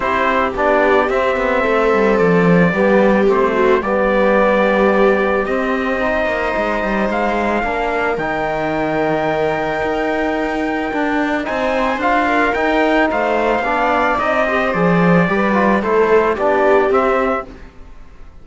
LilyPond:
<<
  \new Staff \with { instrumentName = "trumpet" } { \time 4/4 \tempo 4 = 110 c''4 d''4 e''2 | d''2 c''4 d''4~ | d''2 dis''2~ | dis''4 f''2 g''4~ |
g''1~ | g''4 gis''4 f''4 g''4 | f''2 dis''4 d''4~ | d''4 c''4 d''4 e''4 | }
  \new Staff \with { instrumentName = "viola" } { \time 4/4 g'2. a'4~ | a'4 g'4. fis'8 g'4~ | g'2. c''4~ | c''2 ais'2~ |
ais'1~ | ais'4 c''4. ais'4. | c''4 d''4. c''4. | b'4 a'4 g'2 | }
  \new Staff \with { instrumentName = "trombone" } { \time 4/4 e'4 d'4 c'2~ | c'4 b4 c'4 b4~ | b2 c'4 dis'4~ | dis'2 d'4 dis'4~ |
dis'1 | d'4 dis'4 f'4 dis'4~ | dis'4 d'4 dis'8 g'8 gis'4 | g'8 f'8 e'4 d'4 c'4 | }
  \new Staff \with { instrumentName = "cello" } { \time 4/4 c'4 b4 c'8 b8 a8 g8 | f4 g4 a4 g4~ | g2 c'4. ais8 | gis8 g8 gis4 ais4 dis4~ |
dis2 dis'2 | d'4 c'4 d'4 dis'4 | a4 b4 c'4 f4 | g4 a4 b4 c'4 | }
>>